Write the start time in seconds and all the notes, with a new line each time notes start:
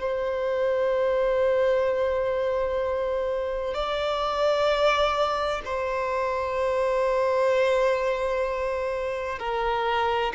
0.00 C5
3.74 D5
5.64 C5
9.38 A#4